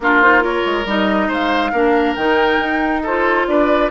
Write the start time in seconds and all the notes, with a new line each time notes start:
0.00 A#3 D4 F4 A#4
0.21 D#4 C5
0.40 F4 A#4 C#5
0.65 G#3
0.85 G3 D#4 D#5
1.27 G#3 C5 F5
1.72 A#3 D4 A#4
2.15 D#3 D#4 G5
2.59 D#4
3.02 F4 A4 C5
3.47 D4 B4 D5